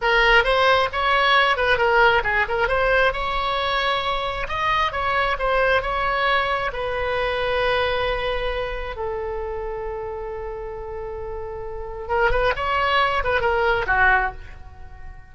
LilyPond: \new Staff \with { instrumentName = "oboe" } { \time 4/4 \tempo 4 = 134 ais'4 c''4 cis''4. b'8 | ais'4 gis'8 ais'8 c''4 cis''4~ | cis''2 dis''4 cis''4 | c''4 cis''2 b'4~ |
b'1 | a'1~ | a'2. ais'8 b'8 | cis''4. b'8 ais'4 fis'4 | }